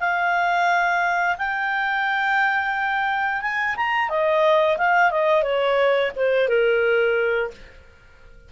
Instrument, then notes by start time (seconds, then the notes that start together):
clarinet
0.00 F5
1.38 G5
3.42 G#5
3.77 A#5
4.09 D#5
4.78 F5
5.11 D#5
5.43 C#5
6.16 C5
6.49 A#4